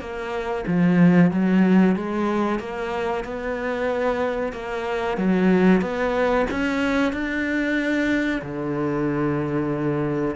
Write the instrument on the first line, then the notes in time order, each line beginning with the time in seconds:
cello
0.00 A#3
0.67 F3
1.31 F#3
1.96 G#3
2.60 A#3
3.24 B3
4.53 A#3
5.17 F#3
5.81 B3
6.51 C#4
7.13 D4
8.42 D3